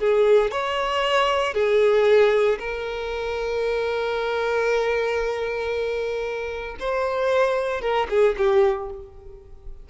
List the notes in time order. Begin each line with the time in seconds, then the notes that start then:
0.00 G#4
0.51 C#5
1.54 G#4
2.59 A#4
6.80 C5
7.82 A#4
8.10 G#4
8.38 G4